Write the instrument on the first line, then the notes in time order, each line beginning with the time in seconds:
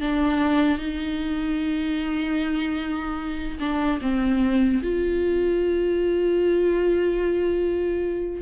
viola
0.00 D4
0.78 D#4
3.59 D4
4.01 C4
4.83 F4